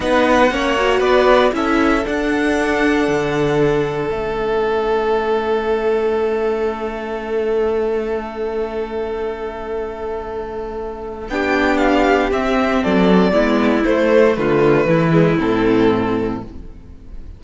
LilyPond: <<
  \new Staff \with { instrumentName = "violin" } { \time 4/4 \tempo 4 = 117 fis''2 d''4 e''4 | fis''1 | e''1~ | e''1~ |
e''1~ | e''2 g''4 f''4 | e''4 d''2 c''4 | b'2 a'2 | }
  \new Staff \with { instrumentName = "violin" } { \time 4/4 b'4 cis''4 b'4 a'4~ | a'1~ | a'1~ | a'1~ |
a'1~ | a'2 g'2~ | g'4 a'4 e'2 | f'4 e'2. | }
  \new Staff \with { instrumentName = "viola" } { \time 4/4 dis'4 cis'8 fis'4. e'4 | d'1 | cis'1~ | cis'1~ |
cis'1~ | cis'2 d'2 | c'2 b4 a4~ | a4. gis8 c'2 | }
  \new Staff \with { instrumentName = "cello" } { \time 4/4 b4 ais4 b4 cis'4 | d'2 d2 | a1~ | a1~ |
a1~ | a2 b2 | c'4 fis4 gis4 a4 | d4 e4 a,2 | }
>>